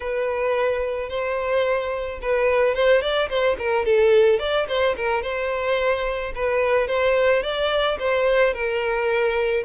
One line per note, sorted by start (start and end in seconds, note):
0.00 1.09 B4
1.09 2.19 C5
2.21 2.74 B4
2.74 3.01 C5
3.01 3.29 D5
3.29 3.57 C5
3.58 3.85 A#4
3.85 4.39 A4
4.39 4.66 D5
4.68 4.95 C5
4.96 5.22 A#4
5.22 6.32 C5
6.35 6.87 B4
6.87 7.42 C5
7.42 7.97 D5
7.99 8.53 C5
8.53 9.63 A#4